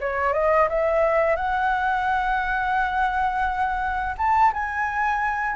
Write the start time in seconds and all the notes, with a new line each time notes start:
0.00 C#5
0.33 D#5
0.69 E5
1.36 F#5
4.17 A5
4.53 G#5